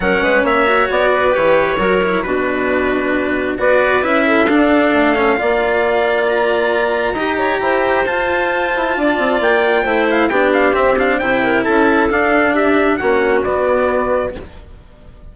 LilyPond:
<<
  \new Staff \with { instrumentName = "trumpet" } { \time 4/4 \tempo 4 = 134 fis''4 e''4 d''4 cis''4~ | cis''4 b'2. | d''4 e''4 f''2~ | f''2 ais''2~ |
ais''2 a''2~ | a''4 g''4. f''8 g''8 f''8 | e''8 f''8 g''4 a''4 f''4 | e''4 fis''4 d''2 | }
  \new Staff \with { instrumentName = "clarinet" } { \time 4/4 ais'8 b'8 cis''4. b'4. | ais'4 fis'2. | b'4. a'2~ a'8 | d''1 |
dis''8 cis''8 c''2. | d''2 c''4 g'4~ | g'4 c''8 ais'8 a'2 | g'4 fis'2. | }
  \new Staff \with { instrumentName = "cello" } { \time 4/4 cis'4. fis'4. g'4 | fis'8 e'8 d'2. | fis'4 e'4 d'4. cis'8 | f'1 |
g'2 f'2~ | f'2 e'4 d'4 | c'8 d'8 e'2 d'4~ | d'4 cis'4 b2 | }
  \new Staff \with { instrumentName = "bassoon" } { \time 4/4 fis8 gis8 ais4 b4 e4 | fis4 b,2. | b4 cis'4 d'4 a4 | ais1 |
dis'4 e'4 f'4. e'8 | d'8 c'8 ais4 a4 b4 | c'4 c4 cis'4 d'4~ | d'4 ais4 b2 | }
>>